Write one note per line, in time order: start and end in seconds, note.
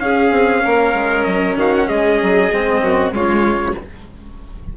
0.00 0.31 C#4
0.00 2.50 C#4
0.00 0.64 G#4
0.00 1.24 F5
0.31 0.63 C4
0.64 0.94 A#3
0.64 1.58 A#4
0.94 1.25 G#3
1.24 1.56 F#3
1.24 1.55 D#5
1.56 1.87 D#3
1.56 1.87 F#4
1.56 1.76 F5
1.76 1.89 F#5
1.87 2.21 G#3
1.87 2.81 G#4
1.87 3.14 D#5
2.22 2.52 F#3
2.52 2.82 G#3
2.52 3.12 C4
2.82 3.13 F#2
2.82 3.15 F#4
3.12 3.76 C#3
3.12 3.74 G#3
3.12 3.78 F4
3.12 3.77 C#5